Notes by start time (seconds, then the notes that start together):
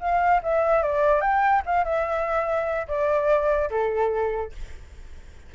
0.00 F5
0.43 E5
0.83 D5
1.21 G5
1.66 F5
1.84 E5
2.88 D5
3.70 A4